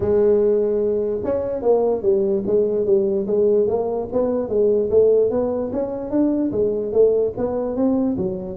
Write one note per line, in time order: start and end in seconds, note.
0.00 1.20 G#3
1.24 1.61 C#4
1.61 2.02 A#3
2.02 2.43 G3
2.46 2.85 G#3
2.85 3.26 G3
3.27 3.67 G#3
3.67 4.08 A#3
4.12 4.48 B3
4.48 4.89 G#3
4.90 5.30 A3
5.30 5.71 B3
5.72 6.10 C#4
6.10 6.51 D4
6.51 6.92 G#3
6.92 7.33 A3
7.37 7.76 B3
7.76 8.17 C4
8.17 8.56 F#3